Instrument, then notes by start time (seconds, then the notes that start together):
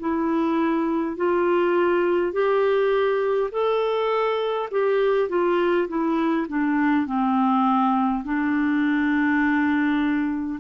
clarinet
0.00 E4
1.17 F4
2.33 G4
3.52 A4
4.72 G4
5.29 F4
5.88 E4
6.49 D4
7.06 C4
8.25 D4